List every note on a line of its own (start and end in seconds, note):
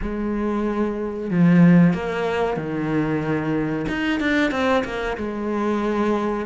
0.01 1.30 G#3
1.30 1.93 F3
1.93 2.57 A#3
2.57 3.86 D#3
3.88 4.19 D#4
4.19 4.51 D4
4.51 4.83 C4
4.84 5.16 A#3
5.17 6.46 G#3